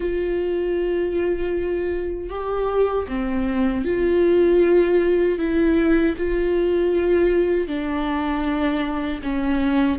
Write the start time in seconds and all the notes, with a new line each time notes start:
0.00 F4
2.29 G4
3.08 C4
3.84 F4
5.38 E4
6.17 F4
7.67 D4
9.22 C#4